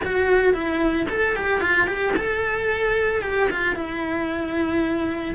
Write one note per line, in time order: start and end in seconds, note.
0.05 0.53 F#4
0.53 1.07 E4
1.09 1.36 A4
1.36 1.60 G4
1.60 1.87 F4
1.87 2.14 G4
2.16 3.22 A4
3.22 3.48 G4
3.50 3.75 F4
3.75 5.35 E4